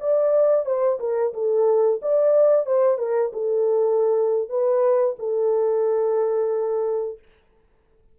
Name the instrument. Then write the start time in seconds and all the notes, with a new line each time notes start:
horn
0.00 D5
0.66 C5
1.00 A#4
1.34 A4
2.02 D5
2.66 C5
2.98 A#4
3.33 A4
4.49 B4
5.19 A4